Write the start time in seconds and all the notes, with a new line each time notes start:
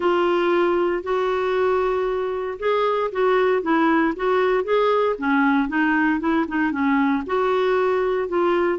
0.00 F4
1.03 F#4
2.59 G#4
3.12 F#4
3.62 E4
4.15 F#4
4.64 G#4
5.18 C#4
5.68 D#4
6.20 E4
6.47 D#4
6.71 C#4
7.26 F#4
8.28 F4